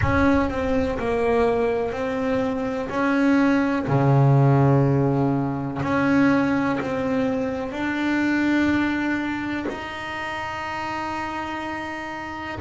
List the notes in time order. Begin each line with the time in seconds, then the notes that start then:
0.01 C#4
0.50 C4
0.99 A#3
1.92 C4
2.89 C#4
3.87 C#3
5.82 C#4
6.80 C4
7.72 D4
9.68 D#4